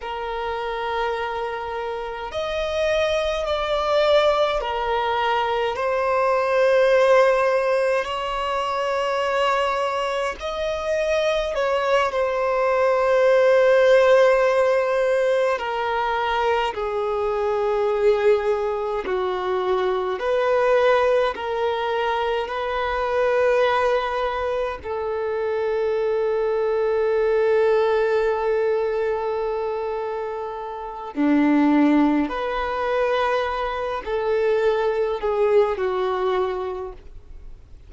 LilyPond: \new Staff \with { instrumentName = "violin" } { \time 4/4 \tempo 4 = 52 ais'2 dis''4 d''4 | ais'4 c''2 cis''4~ | cis''4 dis''4 cis''8 c''4.~ | c''4. ais'4 gis'4.~ |
gis'8 fis'4 b'4 ais'4 b'8~ | b'4. a'2~ a'8~ | a'2. d'4 | b'4. a'4 gis'8 fis'4 | }